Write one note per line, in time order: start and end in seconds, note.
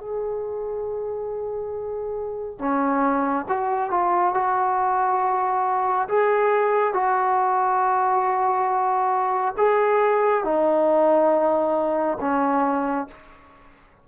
0.00 2.58 G#4
2.58 3.45 C#4
3.48 3.90 F#4
3.90 4.34 F4
4.34 6.08 F#4
6.08 6.93 G#4
6.93 9.54 F#4
9.57 10.44 G#4
10.44 12.18 D#4
12.20 13.07 C#4